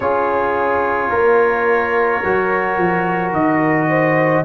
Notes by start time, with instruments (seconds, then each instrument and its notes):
0.00 tuba C#4, trombone F4, horn G#4, trumpet C#5
1.10 tuba A#3, horn A#4
2.23 tuba F#3, trombone F#4
2.77 tuba F3
3.32 tuba D#3, trumpet D#5
3.88 horn C5